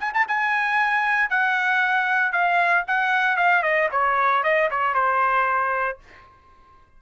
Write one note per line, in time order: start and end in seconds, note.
0.00 0.13 G#5
0.14 0.27 A5
0.28 1.30 G#5
1.30 2.33 F#5
2.33 2.85 F5
2.88 3.37 F#5
3.37 3.63 F5
3.63 3.89 D#5
3.92 4.44 C#5
4.44 4.70 D#5
4.71 4.95 C#5
4.95 5.99 C5